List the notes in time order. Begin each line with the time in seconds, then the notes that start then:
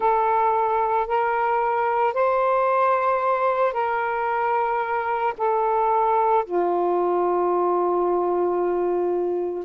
0.00 A4
1.07 A#4
2.13 C5
3.73 A#4
5.37 A4
6.45 F4